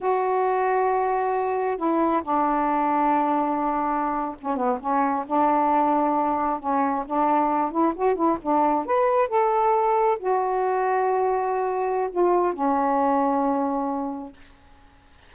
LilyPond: \new Staff \with { instrumentName = "saxophone" } { \time 4/4 \tempo 4 = 134 fis'1 | e'4 d'2.~ | d'4.~ d'16 cis'8 b8 cis'4 d'16~ | d'2~ d'8. cis'4 d'16~ |
d'4~ d'16 e'8 fis'8 e'8 d'4 b'16~ | b'8. a'2 fis'4~ fis'16~ | fis'2. f'4 | cis'1 | }